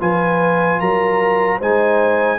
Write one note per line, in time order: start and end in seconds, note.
0.00 0.81 F3
0.00 1.60 F4
0.00 0.80 B4
0.00 0.80 G#5
0.80 1.61 F#3
0.80 1.58 A#4
0.80 1.60 A#5
1.58 2.39 G#3
1.58 2.39 D#4
1.58 2.38 C5
1.58 2.39 G#5